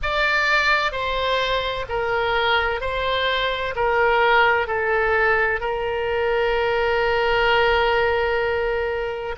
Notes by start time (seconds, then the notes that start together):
0.02 D5
0.92 C5
1.88 A#4
2.80 C5
3.75 A#4
4.67 A4
5.60 A#4